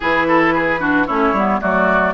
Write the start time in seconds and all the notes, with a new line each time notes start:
0.00 E3 E4 G#4 B4
0.27 A4
0.54 G#4
0.79 D4 F#4
1.06 A3 C#4 E4 C#5
1.32 G3 B3
1.60 F#3 A3 F#4 D5